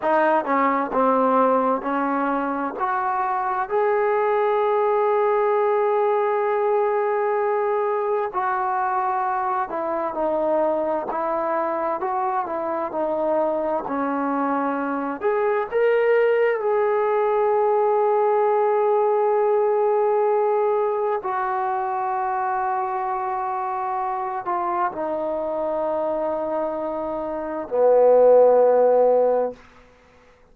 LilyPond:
\new Staff \with { instrumentName = "trombone" } { \time 4/4 \tempo 4 = 65 dis'8 cis'8 c'4 cis'4 fis'4 | gis'1~ | gis'4 fis'4. e'8 dis'4 | e'4 fis'8 e'8 dis'4 cis'4~ |
cis'8 gis'8 ais'4 gis'2~ | gis'2. fis'4~ | fis'2~ fis'8 f'8 dis'4~ | dis'2 b2 | }